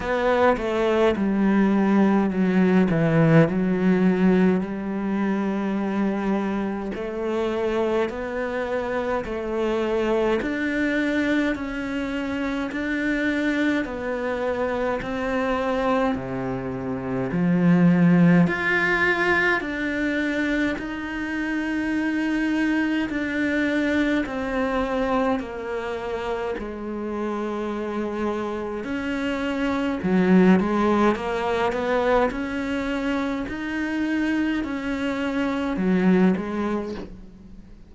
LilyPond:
\new Staff \with { instrumentName = "cello" } { \time 4/4 \tempo 4 = 52 b8 a8 g4 fis8 e8 fis4 | g2 a4 b4 | a4 d'4 cis'4 d'4 | b4 c'4 c4 f4 |
f'4 d'4 dis'2 | d'4 c'4 ais4 gis4~ | gis4 cis'4 fis8 gis8 ais8 b8 | cis'4 dis'4 cis'4 fis8 gis8 | }